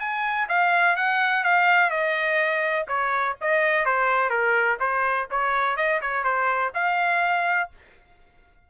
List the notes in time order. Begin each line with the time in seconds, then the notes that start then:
0.00 G#5
0.49 F5
0.97 F#5
1.44 F5
1.91 D#5
2.88 C#5
3.41 D#5
3.86 C5
4.30 A#4
4.80 C5
5.31 C#5
5.77 D#5
6.02 C#5
6.24 C5
6.75 F5